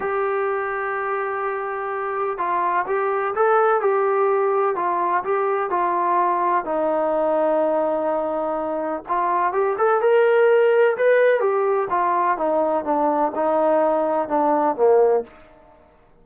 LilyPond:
\new Staff \with { instrumentName = "trombone" } { \time 4/4 \tempo 4 = 126 g'1~ | g'4 f'4 g'4 a'4 | g'2 f'4 g'4 | f'2 dis'2~ |
dis'2. f'4 | g'8 a'8 ais'2 b'4 | g'4 f'4 dis'4 d'4 | dis'2 d'4 ais4 | }